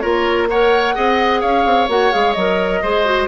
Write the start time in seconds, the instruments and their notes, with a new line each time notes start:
0.00 bassoon A#3, clarinet F4, oboe A#4, flute C#5
0.49 clarinet A#4, oboe C#5, flute F#5
0.95 bassoon C4, clarinet G#4, oboe D#5
1.41 bassoon C#4, oboe C#5, flute F5
1.66 bassoon C4
1.89 bassoon A#3, clarinet F#4, flute F#5
2.12 bassoon G#3, clarinet G#4, flute F5
2.33 bassoon F#3, clarinet A#4, flute D#5
2.83 bassoon G#3, clarinet G#4, oboe C5
3.05 clarinet F#4